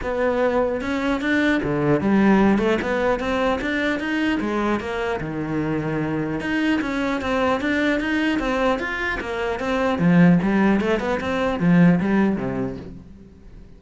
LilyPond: \new Staff \with { instrumentName = "cello" } { \time 4/4 \tempo 4 = 150 b2 cis'4 d'4 | d4 g4. a8 b4 | c'4 d'4 dis'4 gis4 | ais4 dis2. |
dis'4 cis'4 c'4 d'4 | dis'4 c'4 f'4 ais4 | c'4 f4 g4 a8 b8 | c'4 f4 g4 c4 | }